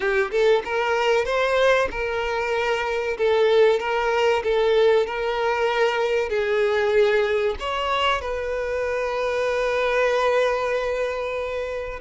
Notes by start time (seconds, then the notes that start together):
0.00 G4
0.31 A4
0.64 A#4
1.25 C5
1.90 A#4
3.18 A4
3.79 A#4
4.43 A4
5.06 A#4
6.29 G#4
7.59 C#5
8.21 B4